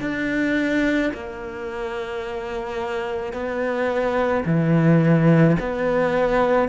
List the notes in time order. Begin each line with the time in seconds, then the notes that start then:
0.00 D4
1.14 A#3
3.32 B3
4.45 E3
5.60 B3